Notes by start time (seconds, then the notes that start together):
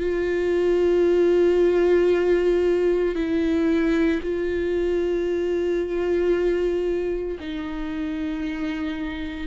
0.00 F4
3.15 E4
4.22 F4
7.40 D#4